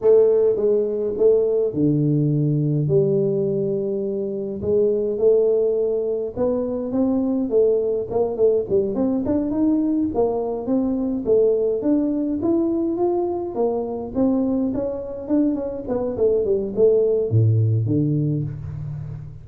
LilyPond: \new Staff \with { instrumentName = "tuba" } { \time 4/4 \tempo 4 = 104 a4 gis4 a4 d4~ | d4 g2. | gis4 a2 b4 | c'4 a4 ais8 a8 g8 c'8 |
d'8 dis'4 ais4 c'4 a8~ | a8 d'4 e'4 f'4 ais8~ | ais8 c'4 cis'4 d'8 cis'8 b8 | a8 g8 a4 a,4 d4 | }